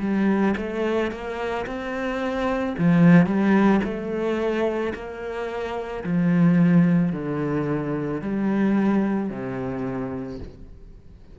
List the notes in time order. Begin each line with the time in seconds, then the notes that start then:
0.00 G3
0.57 A3
1.11 A#3
1.66 C4
2.78 F3
3.26 G3
3.84 A3
4.94 A#3
6.04 F3
7.13 D3
8.21 G3
9.30 C3